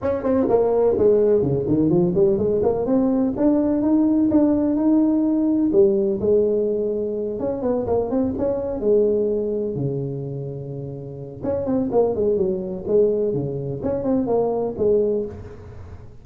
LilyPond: \new Staff \with { instrumentName = "tuba" } { \time 4/4 \tempo 4 = 126 cis'8 c'8 ais4 gis4 cis8 dis8 | f8 g8 gis8 ais8 c'4 d'4 | dis'4 d'4 dis'2 | g4 gis2~ gis8 cis'8 |
b8 ais8 c'8 cis'4 gis4.~ | gis8 cis2.~ cis8 | cis'8 c'8 ais8 gis8 fis4 gis4 | cis4 cis'8 c'8 ais4 gis4 | }